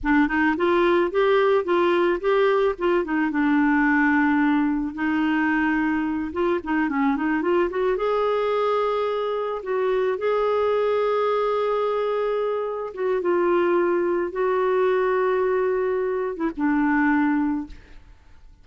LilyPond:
\new Staff \with { instrumentName = "clarinet" } { \time 4/4 \tempo 4 = 109 d'8 dis'8 f'4 g'4 f'4 | g'4 f'8 dis'8 d'2~ | d'4 dis'2~ dis'8 f'8 | dis'8 cis'8 dis'8 f'8 fis'8 gis'4.~ |
gis'4. fis'4 gis'4.~ | gis'2.~ gis'8 fis'8 | f'2 fis'2~ | fis'4.~ fis'16 e'16 d'2 | }